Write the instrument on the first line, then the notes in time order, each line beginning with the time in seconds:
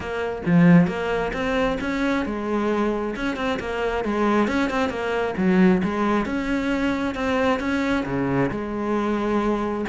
cello
0.00 A#3
0.46 F3
0.87 A#3
1.33 C4
1.81 C#4
2.25 G#3
3.16 C#4
3.36 C4
3.59 A#3
4.04 G#3
4.47 C#4
4.70 C4
4.89 A#3
5.37 F#3
5.83 G#3
6.25 C#4
7.15 C4
7.59 C#4
8.05 C#3
8.51 G#3